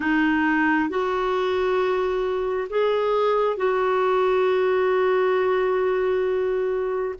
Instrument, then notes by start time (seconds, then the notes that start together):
clarinet
0.00 D#4
0.89 F#4
2.69 G#4
3.56 F#4